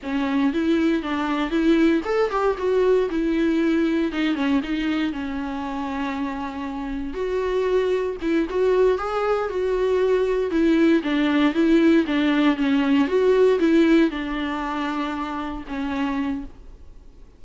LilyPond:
\new Staff \with { instrumentName = "viola" } { \time 4/4 \tempo 4 = 117 cis'4 e'4 d'4 e'4 | a'8 g'8 fis'4 e'2 | dis'8 cis'8 dis'4 cis'2~ | cis'2 fis'2 |
e'8 fis'4 gis'4 fis'4.~ | fis'8 e'4 d'4 e'4 d'8~ | d'8 cis'4 fis'4 e'4 d'8~ | d'2~ d'8 cis'4. | }